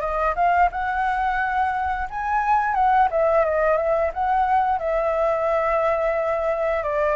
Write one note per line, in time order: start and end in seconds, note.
0.00 0.34 D#5
0.35 0.69 F5
0.72 2.08 F#5
2.10 2.74 G#5
2.74 3.08 F#5
3.10 3.44 E5
3.44 3.77 D#5
3.77 4.11 E5
4.13 4.79 F#5
4.79 6.83 E5
6.83 7.16 D5